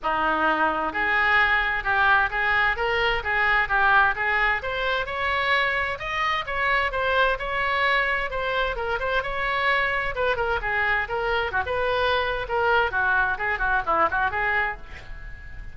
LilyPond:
\new Staff \with { instrumentName = "oboe" } { \time 4/4 \tempo 4 = 130 dis'2 gis'2 | g'4 gis'4 ais'4 gis'4 | g'4 gis'4 c''4 cis''4~ | cis''4 dis''4 cis''4 c''4 |
cis''2 c''4 ais'8 c''8 | cis''2 b'8 ais'8 gis'4 | ais'4 fis'16 b'4.~ b'16 ais'4 | fis'4 gis'8 fis'8 e'8 fis'8 gis'4 | }